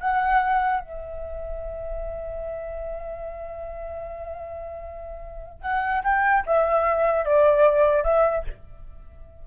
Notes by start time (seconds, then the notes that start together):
0.00 F#5
0.80 E5
5.62 F#5
6.04 G5
6.46 E5
7.25 D5
8.04 E5